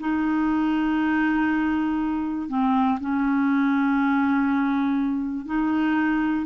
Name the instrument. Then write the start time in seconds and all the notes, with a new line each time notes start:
clarinet
0.00 D#4
2.49 C4
3.00 C#4
5.46 D#4